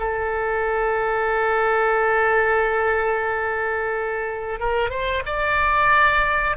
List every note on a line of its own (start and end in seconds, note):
0.00 4.60 A4
4.60 4.90 A#4
4.90 5.23 C5
5.26 6.57 D5